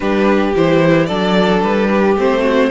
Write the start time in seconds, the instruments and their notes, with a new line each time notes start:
0.00 cello G3, viola D4, violin G4 B4
0.56 cello E3, viola E4, violin C5
1.06 cello F#3, viola D4, violin A4 D5
1.62 cello G3, violin B4
1.89 violin G4
2.16 cello A3, viola C4, violin C5
2.41 violin F#4